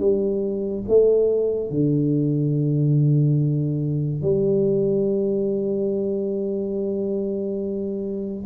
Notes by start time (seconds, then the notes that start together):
0.00 G3
0.88 A3
1.70 D3
4.22 G3